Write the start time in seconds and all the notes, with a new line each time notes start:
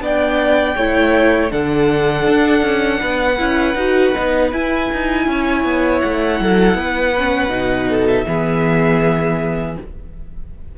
0.00 B3 D4 D5 G5
0.76 A3 E4 C#5
1.50 D3 D4 A4 F#5
2.27 D4
2.62 C#4
2.99 B3 B4
3.38 C#4 E4
3.75 D#4 F#4
4.14 B3 D#4
4.52 E4 G#5
4.93 D#4
5.27 C#4 C#5
5.64 B3
6.00 A3 F#5
6.40 F#3 A4
6.74 B3 B4
7.17 C#4
7.48 B2 D#4
7.89 A4
8.07 E5
8.26 E3 B3 G#4